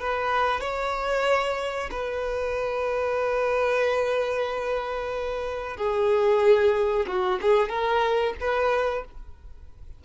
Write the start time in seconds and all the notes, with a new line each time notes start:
0.00 B4
0.61 C#5
1.91 B4
5.78 G#4
7.07 F#4
7.42 G#4
7.69 A#4
8.40 B4